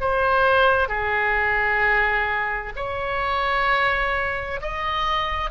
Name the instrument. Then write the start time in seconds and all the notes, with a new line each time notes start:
oboe
0.00 C5
0.88 G#4
2.76 C#5
4.61 D#5